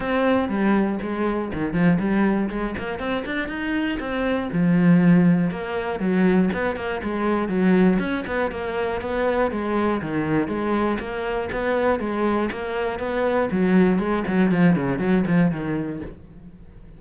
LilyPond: \new Staff \with { instrumentName = "cello" } { \time 4/4 \tempo 4 = 120 c'4 g4 gis4 dis8 f8 | g4 gis8 ais8 c'8 d'8 dis'4 | c'4 f2 ais4 | fis4 b8 ais8 gis4 fis4 |
cis'8 b8 ais4 b4 gis4 | dis4 gis4 ais4 b4 | gis4 ais4 b4 fis4 | gis8 fis8 f8 cis8 fis8 f8 dis4 | }